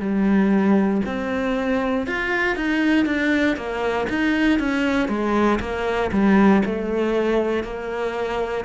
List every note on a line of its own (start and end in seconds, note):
0.00 1.02 G3
1.05 2.07 C4
2.07 2.56 F4
2.56 3.06 D#4
3.06 3.56 D4
3.56 4.07 A#3
4.09 4.59 D#4
4.59 5.08 C#4
5.08 5.59 G#3
5.60 6.11 A#3
6.12 6.62 G3
6.65 7.64 A3
7.64 8.65 A#3